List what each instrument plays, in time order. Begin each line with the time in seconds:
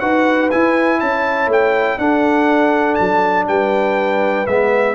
0.00 tuba D#4, trombone F#4, horn B4, trumpet F#5
0.51 trombone E4, tuba E4, trumpet G#5
1.00 tuba C#4, horn C#5, trumpet A5
1.47 tuba A3, trumpet G5
1.98 tuba D4, trombone D4, horn A4, trumpet F#5
2.95 tuba F#3, trumpet A5
3.48 tuba G3, horn B4, trumpet G5
4.47 tuba G#3, trombone B3, trumpet E5